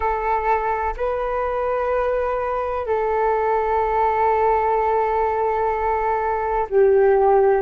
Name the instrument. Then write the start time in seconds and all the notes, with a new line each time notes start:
flute
0.00 A4
0.97 B4
2.86 A4
6.69 G4